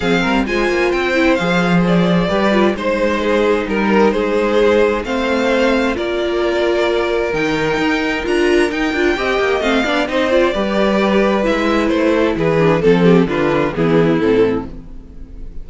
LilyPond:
<<
  \new Staff \with { instrumentName = "violin" } { \time 4/4 \tempo 4 = 131 f''4 gis''4 g''4 f''4 | d''2 c''2 | ais'4 c''2 f''4~ | f''4 d''2. |
g''2 ais''4 g''4~ | g''4 f''4 dis''8 d''4.~ | d''4 e''4 c''4 b'4 | a'4 b'4 gis'4 a'4 | }
  \new Staff \with { instrumentName = "violin" } { \time 4/4 gis'8 ais'8 c''2.~ | c''4 b'4 c''4 gis'4 | ais'4 gis'2 c''4~ | c''4 ais'2.~ |
ais'1 | dis''4. d''8 c''4 b'4~ | b'2~ b'8 a'8 gis'4 | a'8 g'8 f'4 e'2 | }
  \new Staff \with { instrumentName = "viola" } { \time 4/4 c'4 f'4. e'8 gis'4~ | gis'4 g'8 f'8 dis'2~ | dis'2. c'4~ | c'4 f'2. |
dis'2 f'4 dis'8 f'8 | g'4 c'8 d'8 dis'8 f'8 g'4~ | g'4 e'2~ e'8 d'8 | c'4 d'4 b4 c'4 | }
  \new Staff \with { instrumentName = "cello" } { \time 4/4 f8 g8 gis8 ais8 c'4 f4~ | f4 g4 gis2 | g4 gis2 a4~ | a4 ais2. |
dis4 dis'4 d'4 dis'8 d'8 | c'8 ais8 a8 b8 c'4 g4~ | g4 gis4 a4 e4 | f4 d4 e4 a,4 | }
>>